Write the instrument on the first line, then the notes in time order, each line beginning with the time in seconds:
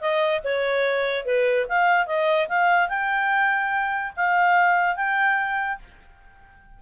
clarinet
0.00 D#5
0.44 C#5
1.25 B4
1.69 F5
2.06 D#5
2.48 F5
2.89 G5
4.16 F5
4.96 G5